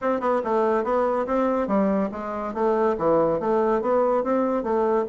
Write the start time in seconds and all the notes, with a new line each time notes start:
0.01 C4
0.20 B3
0.43 A3
0.83 B3
1.26 C4
1.67 G3
2.11 G#3
2.54 A3
2.98 E3
3.39 A3
3.81 B3
4.23 C4
4.63 A3